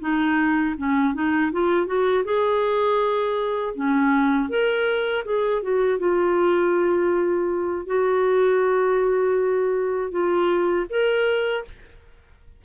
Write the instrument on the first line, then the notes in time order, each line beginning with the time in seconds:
clarinet
0.00 D#4
0.78 C#4
1.14 D#4
1.52 F4
1.86 F#4
2.25 G#4
3.75 C#4
4.49 A#4
5.25 G#4
5.62 F#4
5.99 F4
7.86 F#4
10.11 F4
10.90 A#4